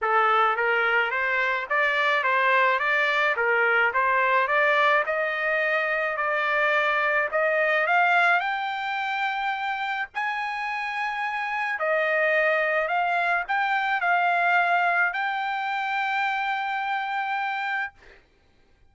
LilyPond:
\new Staff \with { instrumentName = "trumpet" } { \time 4/4 \tempo 4 = 107 a'4 ais'4 c''4 d''4 | c''4 d''4 ais'4 c''4 | d''4 dis''2 d''4~ | d''4 dis''4 f''4 g''4~ |
g''2 gis''2~ | gis''4 dis''2 f''4 | g''4 f''2 g''4~ | g''1 | }